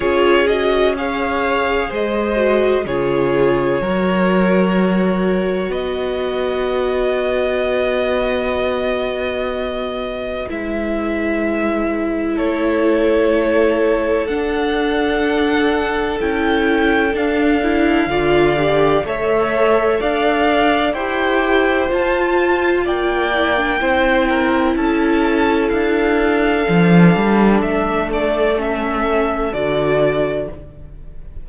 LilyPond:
<<
  \new Staff \with { instrumentName = "violin" } { \time 4/4 \tempo 4 = 63 cis''8 dis''8 f''4 dis''4 cis''4~ | cis''2 dis''2~ | dis''2. e''4~ | e''4 cis''2 fis''4~ |
fis''4 g''4 f''2 | e''4 f''4 g''4 a''4 | g''2 a''4 f''4~ | f''4 e''8 d''8 e''4 d''4 | }
  \new Staff \with { instrumentName = "violin" } { \time 4/4 gis'4 cis''4 c''4 gis'4 | ais'2 b'2~ | b'1~ | b'4 a'2.~ |
a'2. d''4 | cis''4 d''4 c''2 | d''4 c''8 ais'8 a'2~ | a'1 | }
  \new Staff \with { instrumentName = "viola" } { \time 4/4 f'8 fis'8 gis'4. fis'8 f'4 | fis'1~ | fis'2. e'4~ | e'2. d'4~ |
d'4 e'4 d'8 e'8 f'8 g'8 | a'2 g'4 f'4~ | f'8 e'16 d'16 e'2. | d'2 cis'4 fis'4 | }
  \new Staff \with { instrumentName = "cello" } { \time 4/4 cis'2 gis4 cis4 | fis2 b2~ | b2. gis4~ | gis4 a2 d'4~ |
d'4 cis'4 d'4 d4 | a4 d'4 e'4 f'4 | ais4 c'4 cis'4 d'4 | f8 g8 a2 d4 | }
>>